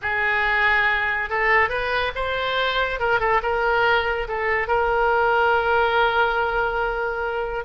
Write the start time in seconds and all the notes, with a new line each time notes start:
0.02 G#4
1.29 A4
1.69 B4
2.15 C5
2.99 A#4
3.20 A4
3.42 A#4
4.27 A4
4.67 A#4